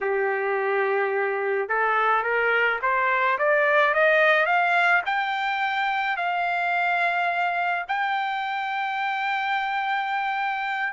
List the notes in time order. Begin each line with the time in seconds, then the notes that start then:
0.01 G4
1.68 A4
2.23 A#4
2.81 C5
3.38 D5
3.94 D#5
4.46 F5
5.05 G5
6.17 F5
7.88 G5